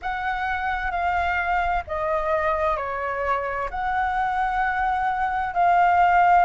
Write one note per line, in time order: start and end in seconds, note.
0.02 0.91 F#5
0.91 1.83 F5
1.87 2.77 D#5
2.77 3.69 C#5
3.70 5.53 F#5
5.53 6.44 F5